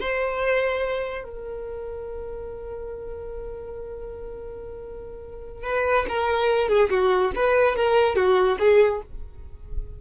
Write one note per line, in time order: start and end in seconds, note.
0.00 1.24 C5
1.24 5.64 A#4
5.64 6.06 B4
6.08 6.68 A#4
6.68 6.89 G#4
6.89 7.31 F#4
7.35 7.75 B4
7.75 8.16 A#4
8.16 8.57 F#4
8.59 9.01 G#4